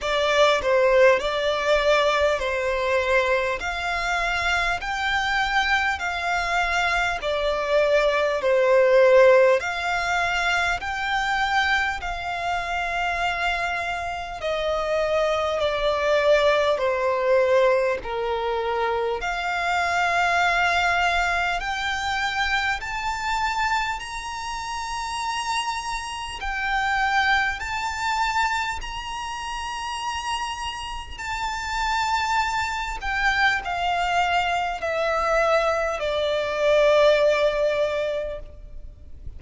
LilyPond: \new Staff \with { instrumentName = "violin" } { \time 4/4 \tempo 4 = 50 d''8 c''8 d''4 c''4 f''4 | g''4 f''4 d''4 c''4 | f''4 g''4 f''2 | dis''4 d''4 c''4 ais'4 |
f''2 g''4 a''4 | ais''2 g''4 a''4 | ais''2 a''4. g''8 | f''4 e''4 d''2 | }